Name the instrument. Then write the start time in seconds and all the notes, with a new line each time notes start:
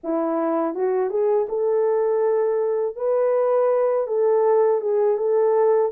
horn
0.03 E4
0.74 F#4
1.09 G#4
1.48 A4
2.96 B4
4.07 A4
4.80 G#4
5.17 A4